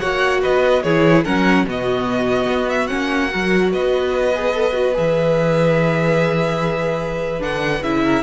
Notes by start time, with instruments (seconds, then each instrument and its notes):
0.00 cello A#3, viola F#4, violin C#5 F#5
0.42 cello B3, violin B4 D#5
0.83 cello E3, viola E4, violin G#4 C#5
1.25 cello F#3, viola C#4, violin A#4 F#5
1.64 cello B2, viola B3, violin F#4 D#5
2.48 cello B3
2.70 violin E5
2.87 cello A#3, viola C#4, violin F#5
3.31 cello F#3, viola F#4, violin A#4
3.72 cello B3, violin B4 D#5
4.35 viola G#4
4.54 viola A4
4.73 viola F#4
4.94 cello E3, viola G#4, violin E5
7.40 cello D3, viola D4, violin F#5
7.83 cello C#3, viola E4, violin E5
8.04 violin A#4